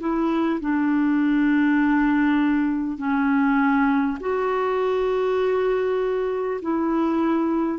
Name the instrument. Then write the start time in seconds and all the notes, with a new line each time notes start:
clarinet
0.00 E4
0.61 D4
2.98 C#4
4.21 F#4
6.62 E4